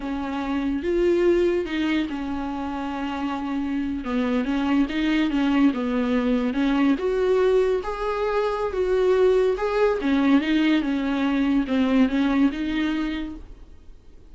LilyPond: \new Staff \with { instrumentName = "viola" } { \time 4/4 \tempo 4 = 144 cis'2 f'2 | dis'4 cis'2.~ | cis'4.~ cis'16 b4 cis'4 dis'16~ | dis'8. cis'4 b2 cis'16~ |
cis'8. fis'2 gis'4~ gis'16~ | gis'4 fis'2 gis'4 | cis'4 dis'4 cis'2 | c'4 cis'4 dis'2 | }